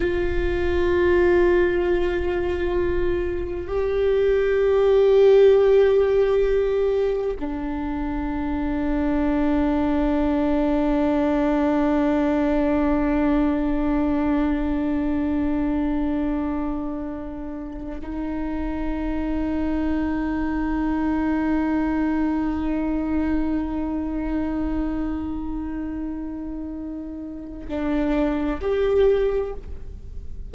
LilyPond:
\new Staff \with { instrumentName = "viola" } { \time 4/4 \tempo 4 = 65 f'1 | g'1 | d'1~ | d'1~ |
d'2.~ d'8 dis'8~ | dis'1~ | dis'1~ | dis'2 d'4 g'4 | }